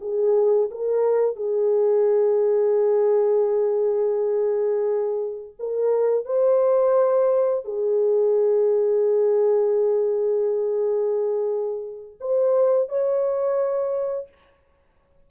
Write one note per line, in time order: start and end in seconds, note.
0.00 0.70 G#4
0.70 1.36 A#4
1.36 5.54 G#4
5.59 6.25 A#4
6.25 7.64 C5
7.64 12.18 G#4
12.20 12.89 C5
12.89 14.28 C#5